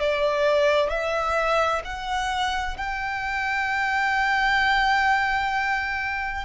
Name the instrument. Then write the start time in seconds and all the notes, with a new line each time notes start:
violin
0.00 D5
0.90 E5
1.85 F#5
2.77 G5